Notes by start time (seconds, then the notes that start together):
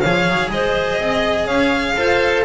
0.00 F3 G#4 C#5 F5
0.29 F#3
0.49 G#3 C5 D#5
0.98 C4 D#5
1.46 C#4 C#5 F5
1.96 F4 A4 C5